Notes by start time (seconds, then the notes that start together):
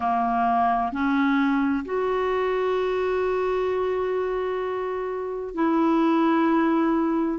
0.00 A#3
0.92 C#4
1.85 F#4
5.54 E4